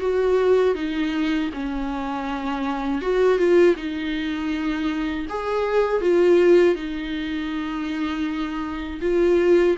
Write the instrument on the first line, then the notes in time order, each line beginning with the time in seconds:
viola
0.00 F#4
0.75 D#4
1.53 C#4
3.02 F#4
3.38 F4
3.76 D#4
5.29 G#4
6.01 F4
6.75 D#4
9.01 F4